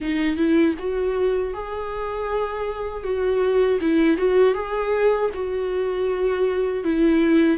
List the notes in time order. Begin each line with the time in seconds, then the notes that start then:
0.00 D#4
0.36 E4
0.78 F#4
1.53 G#4
3.03 F#4
3.80 E4
4.17 F#4
4.54 G#4
5.34 F#4
6.84 E4